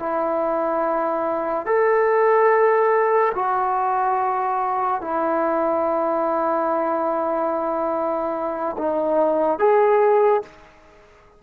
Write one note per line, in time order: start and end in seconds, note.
0.00 1.66 E4
1.66 3.33 A4
3.35 5.02 F#4
5.02 8.77 E4
8.78 9.59 D#4
9.59 10.42 G#4